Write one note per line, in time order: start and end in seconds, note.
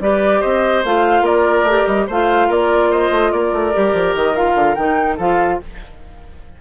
0.00 0.41 G3
0.00 0.85 G4
0.00 0.41 B4
0.00 0.42 D5
0.41 0.84 C4
0.41 1.23 C5
0.41 0.83 D#5
0.84 1.21 A3
0.84 1.68 F4
0.84 1.26 F5
1.21 1.63 A#3
1.21 2.06 A#4
1.21 1.86 D5
1.63 1.84 A3
1.63 2.10 G4
1.86 2.08 G3
1.86 2.07 D#5
2.07 2.49 A3
2.07 3.73 F4
2.07 2.48 C5
2.07 2.52 F5
2.48 3.11 A#3
2.48 2.90 A#4
2.48 2.92 D5
2.91 3.32 C5
2.91 3.32 D#5
3.11 3.32 A3
3.32 3.53 A#3
3.32 5.17 A#4
3.32 4.15 D5
3.53 3.74 A3
3.73 3.94 G3
3.73 4.35 G4
3.94 4.14 F3
4.15 4.55 D#3
4.15 4.36 D#5
4.36 4.77 F4
4.36 4.75 F5
4.55 4.76 D3
4.75 5.19 D#3
4.75 5.19 D#4
4.75 5.17 G5
5.17 5.60 F3
5.17 5.61 F4
5.17 5.58 A4
5.17 5.61 F5